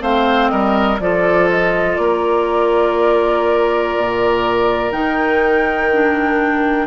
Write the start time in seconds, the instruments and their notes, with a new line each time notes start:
0.00 bassoon A3, clarinet C4, oboe C5, flute F5
0.49 bassoon G3, oboe A#4, flute D#5
1.00 bassoon F3, clarinet F4, oboe A4, flute D5
1.50 flute D#5
1.97 bassoon A#3, oboe A#4, flute D5
3.97 bassoon A#2
4.91 bassoon D#3, clarinet D#4, flute G5
5.92 clarinet D4